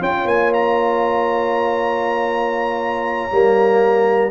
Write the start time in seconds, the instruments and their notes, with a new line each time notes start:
0.00 tuba C#4, trombone F4, horn C#5, trumpet G5
0.25 tuba A#3, trumpet G#5
0.54 trumpet A#5
3.32 tuba G3, trombone A#3